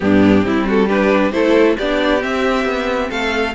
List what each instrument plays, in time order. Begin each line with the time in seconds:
0.00 cello G2, viola B3, violin D4 G4
0.42 cello G3, viola C4, violin E4
0.67 violin F#4 A4
0.87 viola D4, violin G4 B4
1.31 cello A3, viola E4, violin A4 C5
1.77 cello B3, viola D4, violin G4 D5
2.19 viola C4, cello C4, violin E5
2.65 cello B3
3.09 cello A3, violin A4 F5